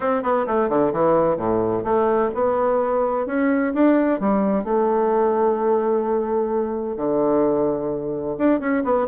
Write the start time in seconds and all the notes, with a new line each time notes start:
0.00 C4
0.22 B3
0.46 A3
0.69 D3
0.92 E3
1.37 A2
1.84 A3
2.34 B3
3.26 C#4
3.73 D4
4.20 G3
4.64 A3
6.96 D3
8.38 D4
8.60 C#4
8.84 B3